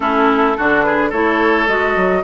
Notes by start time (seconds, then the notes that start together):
0.00 A3 C#4 E4 A4
0.57 D3 D4 F#4
0.82 G#4 B4
1.09 A3 E4 A4 C#5
1.67 G#3 F#4 D#5
1.96 F#3